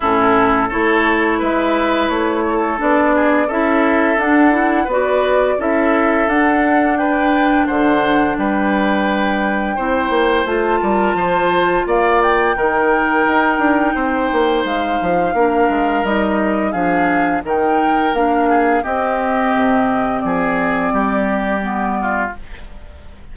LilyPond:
<<
  \new Staff \with { instrumentName = "flute" } { \time 4/4 \tempo 4 = 86 a'4 cis''4 e''4 cis''4 | d''4 e''4 fis''4 d''4 | e''4 fis''4 g''4 fis''4 | g''2. a''4~ |
a''4 f''8 g''2~ g''8~ | g''4 f''2 dis''4 | f''4 g''4 f''4 dis''4~ | dis''4 d''2. | }
  \new Staff \with { instrumentName = "oboe" } { \time 4/4 e'4 a'4 b'4. a'8~ | a'8 gis'8 a'2 b'4 | a'2 b'4 c''4 | b'2 c''4. ais'8 |
c''4 d''4 ais'2 | c''2 ais'2 | gis'4 ais'4. gis'8 g'4~ | g'4 gis'4 g'4. f'8 | }
  \new Staff \with { instrumentName = "clarinet" } { \time 4/4 cis'4 e'2. | d'4 e'4 d'8 e'8 fis'4 | e'4 d'2.~ | d'2 e'4 f'4~ |
f'2 dis'2~ | dis'2 d'4 dis'4 | d'4 dis'4 d'4 c'4~ | c'2. b4 | }
  \new Staff \with { instrumentName = "bassoon" } { \time 4/4 a,4 a4 gis4 a4 | b4 cis'4 d'4 b4 | cis'4 d'2 d4 | g2 c'8 ais8 a8 g8 |
f4 ais4 dis4 dis'8 d'8 | c'8 ais8 gis8 f8 ais8 gis8 g4 | f4 dis4 ais4 c'4 | c4 f4 g2 | }
>>